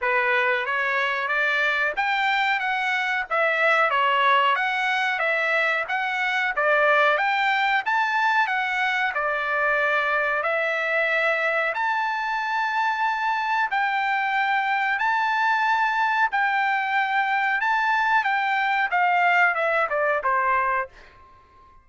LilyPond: \new Staff \with { instrumentName = "trumpet" } { \time 4/4 \tempo 4 = 92 b'4 cis''4 d''4 g''4 | fis''4 e''4 cis''4 fis''4 | e''4 fis''4 d''4 g''4 | a''4 fis''4 d''2 |
e''2 a''2~ | a''4 g''2 a''4~ | a''4 g''2 a''4 | g''4 f''4 e''8 d''8 c''4 | }